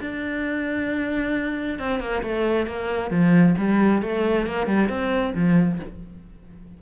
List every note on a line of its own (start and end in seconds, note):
0.00 1.79 D4
1.79 1.99 C4
1.99 2.22 A#3
2.23 2.66 A3
2.66 3.10 A#3
3.10 3.55 F3
3.57 4.02 G3
4.02 4.47 A3
4.47 4.66 A#3
4.66 4.89 G3
4.89 5.33 C4
5.34 5.79 F3